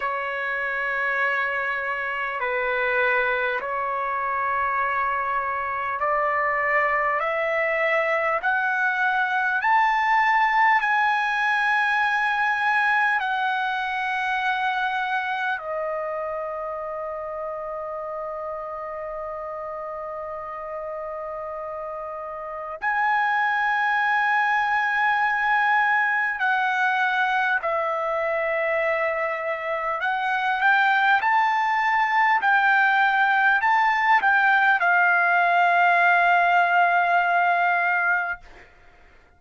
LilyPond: \new Staff \with { instrumentName = "trumpet" } { \time 4/4 \tempo 4 = 50 cis''2 b'4 cis''4~ | cis''4 d''4 e''4 fis''4 | a''4 gis''2 fis''4~ | fis''4 dis''2.~ |
dis''2. gis''4~ | gis''2 fis''4 e''4~ | e''4 fis''8 g''8 a''4 g''4 | a''8 g''8 f''2. | }